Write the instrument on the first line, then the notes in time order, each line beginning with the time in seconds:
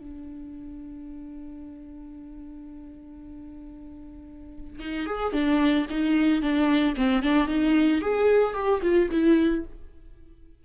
viola
0.00 D4
4.80 D#4
5.06 G#4
5.33 D4
5.90 D#4
6.42 D4
6.97 C4
7.23 D4
7.48 D#4
8.02 G#4
8.54 G4
8.83 F4
9.11 E4